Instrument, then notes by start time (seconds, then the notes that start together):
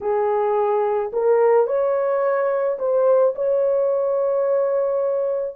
horn
0.00 G#4
1.12 A#4
1.67 C#5
2.78 C5
3.35 C#5